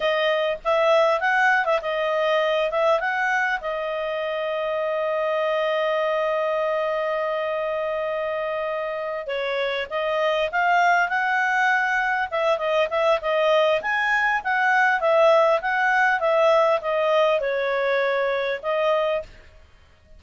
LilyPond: \new Staff \with { instrumentName = "clarinet" } { \time 4/4 \tempo 4 = 100 dis''4 e''4 fis''8. e''16 dis''4~ | dis''8 e''8 fis''4 dis''2~ | dis''1~ | dis''2.~ dis''8 cis''8~ |
cis''8 dis''4 f''4 fis''4.~ | fis''8 e''8 dis''8 e''8 dis''4 gis''4 | fis''4 e''4 fis''4 e''4 | dis''4 cis''2 dis''4 | }